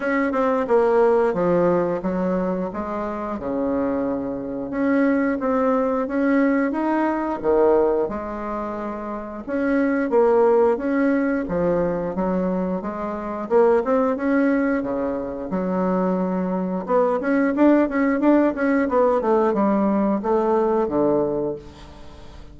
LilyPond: \new Staff \with { instrumentName = "bassoon" } { \time 4/4 \tempo 4 = 89 cis'8 c'8 ais4 f4 fis4 | gis4 cis2 cis'4 | c'4 cis'4 dis'4 dis4 | gis2 cis'4 ais4 |
cis'4 f4 fis4 gis4 | ais8 c'8 cis'4 cis4 fis4~ | fis4 b8 cis'8 d'8 cis'8 d'8 cis'8 | b8 a8 g4 a4 d4 | }